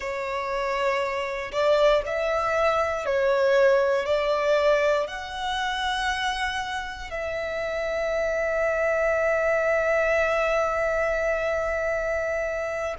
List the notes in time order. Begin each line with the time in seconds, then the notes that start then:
0.00 C#5
1.52 D5
2.06 E5
3.05 C#5
4.05 D5
5.07 F#5
7.10 E5